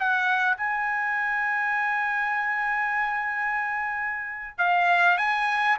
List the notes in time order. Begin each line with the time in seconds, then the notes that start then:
0.00 F#5
0.58 G#5
4.59 F5
5.18 G#5